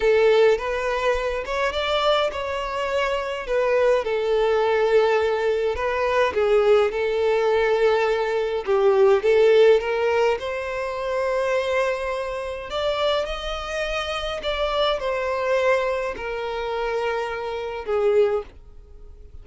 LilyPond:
\new Staff \with { instrumentName = "violin" } { \time 4/4 \tempo 4 = 104 a'4 b'4. cis''8 d''4 | cis''2 b'4 a'4~ | a'2 b'4 gis'4 | a'2. g'4 |
a'4 ais'4 c''2~ | c''2 d''4 dis''4~ | dis''4 d''4 c''2 | ais'2. gis'4 | }